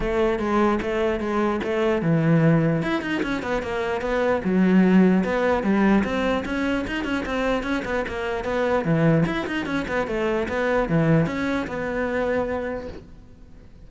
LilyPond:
\new Staff \with { instrumentName = "cello" } { \time 4/4 \tempo 4 = 149 a4 gis4 a4 gis4 | a4 e2 e'8 dis'8 | cis'8 b8 ais4 b4 fis4~ | fis4 b4 g4 c'4 |
cis'4 dis'8 cis'8 c'4 cis'8 b8 | ais4 b4 e4 e'8 dis'8 | cis'8 b8 a4 b4 e4 | cis'4 b2. | }